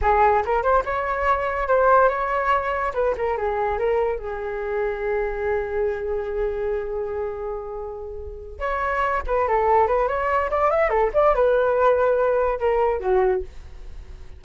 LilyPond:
\new Staff \with { instrumentName = "flute" } { \time 4/4 \tempo 4 = 143 gis'4 ais'8 c''8 cis''2 | c''4 cis''2 b'8 ais'8 | gis'4 ais'4 gis'2~ | gis'1~ |
gis'1~ | gis'8 cis''4. b'8 a'4 b'8 | cis''4 d''8 e''8 a'8 d''8 b'4~ | b'2 ais'4 fis'4 | }